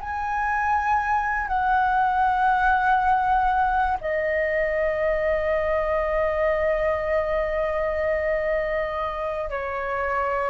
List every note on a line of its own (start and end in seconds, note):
0.00 1.47 G#5
1.47 3.97 F#5
4.00 9.50 D#5
9.50 10.50 C#5